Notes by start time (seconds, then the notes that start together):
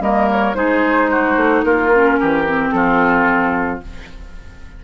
0.00 G3 A#3 A#4 D#5
0.31 C#5
0.55 G#3 D#4 G#4 C5
1.11 F#4
1.36 A3
1.63 A#3 F4 A#4
1.94 C#4
2.20 E3 G4
2.45 C4
2.71 F3 F4 A4